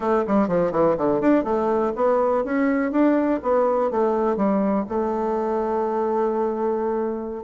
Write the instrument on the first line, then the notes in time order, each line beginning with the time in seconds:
bassoon
0.00 A3
0.27 G3
0.48 F3
0.71 E3
0.97 D3
1.20 D4
1.44 A3
1.95 B3
2.44 C#4
2.91 D4
3.42 B3
3.90 A3
4.36 G3
4.88 A3